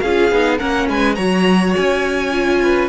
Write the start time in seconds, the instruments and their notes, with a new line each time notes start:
0.00 cello C#4, viola F4, violin G#4 F5
0.31 cello B3, viola D#4
0.58 cello A#3, viola C#4, violin A#4 F#5
0.89 cello G#3, violin B4 G#5
1.15 cello F#3, viola F#4, violin C#5 A#5
1.76 cello C#4, violin G#5
2.32 viola F4
2.62 violin B4